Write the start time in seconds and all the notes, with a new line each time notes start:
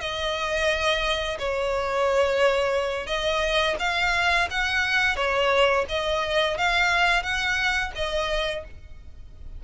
0.00 D#5
1.39 C#5
3.07 D#5
3.79 F5
4.50 F#5
5.16 C#5
5.89 D#5
6.57 F5
7.23 F#5
7.95 D#5